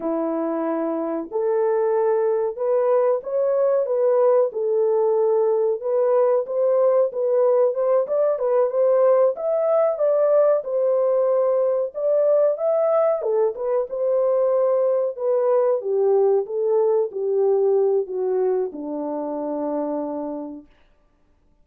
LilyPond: \new Staff \with { instrumentName = "horn" } { \time 4/4 \tempo 4 = 93 e'2 a'2 | b'4 cis''4 b'4 a'4~ | a'4 b'4 c''4 b'4 | c''8 d''8 b'8 c''4 e''4 d''8~ |
d''8 c''2 d''4 e''8~ | e''8 a'8 b'8 c''2 b'8~ | b'8 g'4 a'4 g'4. | fis'4 d'2. | }